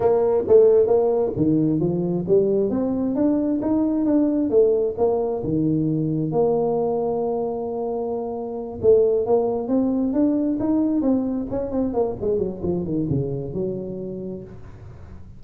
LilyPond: \new Staff \with { instrumentName = "tuba" } { \time 4/4 \tempo 4 = 133 ais4 a4 ais4 dis4 | f4 g4 c'4 d'4 | dis'4 d'4 a4 ais4 | dis2 ais2~ |
ais2.~ ais8 a8~ | a8 ais4 c'4 d'4 dis'8~ | dis'8 c'4 cis'8 c'8 ais8 gis8 fis8 | f8 dis8 cis4 fis2 | }